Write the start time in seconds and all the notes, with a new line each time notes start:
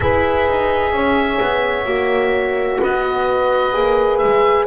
0.00 E4 G#4 B4 E5
0.48 D#4
0.92 C#4 C#5
1.40 B3
1.85 A#3 F#4
2.80 B3 B4 D#5
3.73 A#3 G#4
4.18 G#3 E5